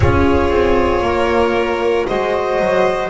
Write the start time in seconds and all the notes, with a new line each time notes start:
0.00 C#4 F4 G#4 C#5
0.50 C4
1.01 A#3 A#4
2.06 G#3 F#4 C5 D#5
2.59 F#3